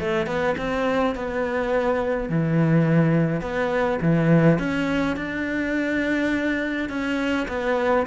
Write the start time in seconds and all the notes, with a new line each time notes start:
0.00 A3
0.27 B3
0.58 C4
1.15 B3
2.30 E3
3.42 B3
4.02 E3
4.59 C#4
5.17 D4
6.90 C#4
7.49 B3